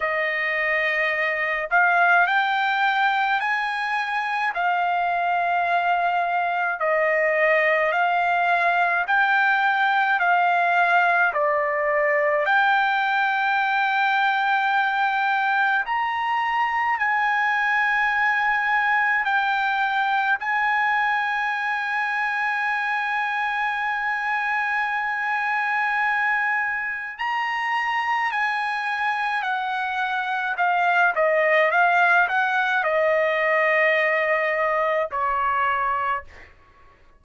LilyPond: \new Staff \with { instrumentName = "trumpet" } { \time 4/4 \tempo 4 = 53 dis''4. f''8 g''4 gis''4 | f''2 dis''4 f''4 | g''4 f''4 d''4 g''4~ | g''2 ais''4 gis''4~ |
gis''4 g''4 gis''2~ | gis''1 | ais''4 gis''4 fis''4 f''8 dis''8 | f''8 fis''8 dis''2 cis''4 | }